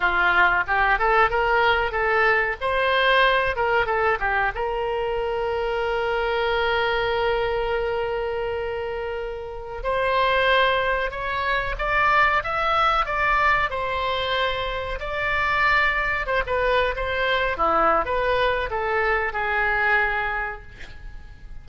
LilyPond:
\new Staff \with { instrumentName = "oboe" } { \time 4/4 \tempo 4 = 93 f'4 g'8 a'8 ais'4 a'4 | c''4. ais'8 a'8 g'8 ais'4~ | ais'1~ | ais'2.~ ais'16 c''8.~ |
c''4~ c''16 cis''4 d''4 e''8.~ | e''16 d''4 c''2 d''8.~ | d''4~ d''16 c''16 b'8. c''4 e'8. | b'4 a'4 gis'2 | }